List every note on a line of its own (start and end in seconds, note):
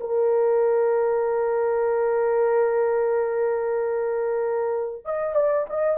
0.00 5.05 A#4
5.05 5.35 D#5
5.35 5.66 D5
5.69 5.97 D#5